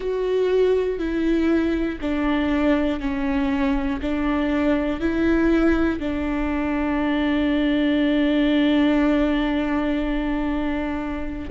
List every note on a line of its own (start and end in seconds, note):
0.00 0.98 F#4
0.98 1.98 E4
2.01 3.00 D4
3.00 4.00 C#4
4.01 5.00 D4
5.00 5.99 E4
5.99 11.49 D4